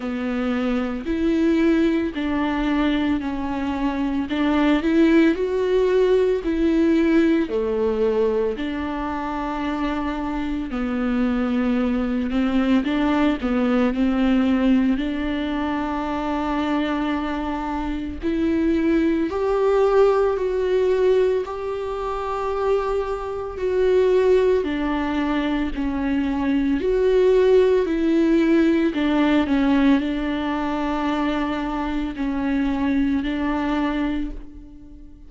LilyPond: \new Staff \with { instrumentName = "viola" } { \time 4/4 \tempo 4 = 56 b4 e'4 d'4 cis'4 | d'8 e'8 fis'4 e'4 a4 | d'2 b4. c'8 | d'8 b8 c'4 d'2~ |
d'4 e'4 g'4 fis'4 | g'2 fis'4 d'4 | cis'4 fis'4 e'4 d'8 cis'8 | d'2 cis'4 d'4 | }